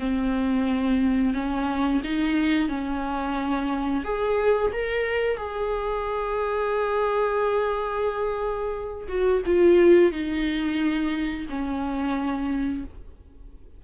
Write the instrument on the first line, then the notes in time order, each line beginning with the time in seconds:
viola
0.00 C4
1.34 C#4
2.04 D#4
2.69 C#4
4.04 G#4
4.73 A#4
5.37 G#4
9.09 F#4
9.46 F4
10.12 D#4
11.50 C#4